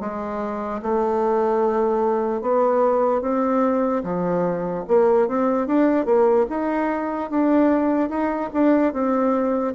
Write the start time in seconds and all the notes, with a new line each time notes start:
0.00 G#3
0.82 A3
2.41 B3
3.21 C4
4.04 F3
4.88 A#3
5.28 C4
5.67 D4
6.06 A#3
6.49 D#4
7.30 D4
8.09 D#4
8.54 D4
8.93 C4